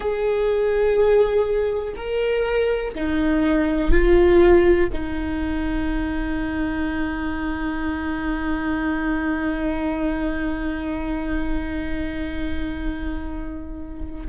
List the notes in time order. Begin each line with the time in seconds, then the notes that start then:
0.00 G#4
1.95 A#4
2.95 D#4
3.91 F4
4.92 D#4